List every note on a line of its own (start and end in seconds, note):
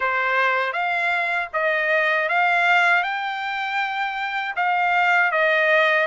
0.00 0.72 C5
0.72 1.48 F5
1.53 2.29 D#5
2.29 3.03 F5
3.03 4.55 G5
4.56 5.31 F5
5.31 6.06 D#5